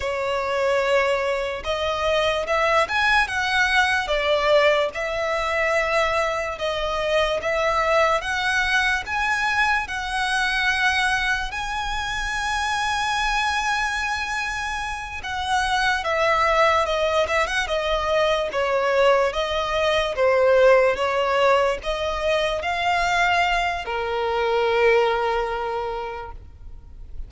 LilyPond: \new Staff \with { instrumentName = "violin" } { \time 4/4 \tempo 4 = 73 cis''2 dis''4 e''8 gis''8 | fis''4 d''4 e''2 | dis''4 e''4 fis''4 gis''4 | fis''2 gis''2~ |
gis''2~ gis''8 fis''4 e''8~ | e''8 dis''8 e''16 fis''16 dis''4 cis''4 dis''8~ | dis''8 c''4 cis''4 dis''4 f''8~ | f''4 ais'2. | }